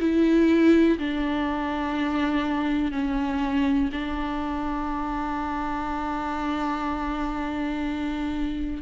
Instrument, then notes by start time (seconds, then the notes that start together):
viola
0.00 E4
0.98 D4
2.92 C#4
3.92 D4